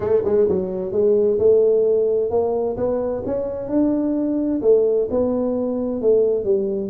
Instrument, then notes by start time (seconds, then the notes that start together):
tuba
0.00 A3
0.24 G#3
0.48 F#3
0.92 G#3
1.38 A3
2.30 A#3
2.76 B3
3.26 C#4
3.69 D4
4.61 A3
5.10 B3
6.01 A3
6.44 G3